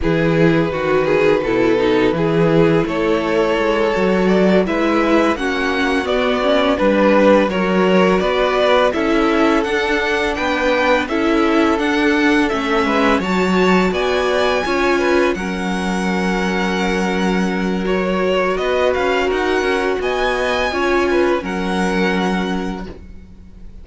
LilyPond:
<<
  \new Staff \with { instrumentName = "violin" } { \time 4/4 \tempo 4 = 84 b'1 | cis''2 d''8 e''4 fis''8~ | fis''8 d''4 b'4 cis''4 d''8~ | d''8 e''4 fis''4 g''4 e''8~ |
e''8 fis''4 e''4 a''4 gis''8~ | gis''4. fis''2~ fis''8~ | fis''4 cis''4 dis''8 f''8 fis''4 | gis''2 fis''2 | }
  \new Staff \with { instrumentName = "violin" } { \time 4/4 gis'4 fis'8 gis'8 a'4 gis'4 | a'2~ a'8 b'4 fis'8~ | fis'4. b'4 ais'4 b'8~ | b'8 a'2 b'4 a'8~ |
a'2 b'8 cis''4 d''8~ | d''8 cis''8 b'8 ais'2~ ais'8~ | ais'2 b'4 ais'4 | dis''4 cis''8 b'8 ais'2 | }
  \new Staff \with { instrumentName = "viola" } { \time 4/4 e'4 fis'4 e'8 dis'8 e'4~ | e'4. fis'4 e'4 cis'8~ | cis'8 b8 cis'8 d'4 fis'4.~ | fis'8 e'4 d'2 e'8~ |
e'8 d'4 cis'4 fis'4.~ | fis'8 f'4 cis'2~ cis'8~ | cis'4 fis'2.~ | fis'4 f'4 cis'2 | }
  \new Staff \with { instrumentName = "cello" } { \time 4/4 e4 dis4 b,4 e4 | a4 gis8 fis4 gis4 ais8~ | ais8 b4 g4 fis4 b8~ | b8 cis'4 d'4 b4 cis'8~ |
cis'8 d'4 a8 gis8 fis4 b8~ | b8 cis'4 fis2~ fis8~ | fis2 b8 cis'8 dis'8 cis'8 | b4 cis'4 fis2 | }
>>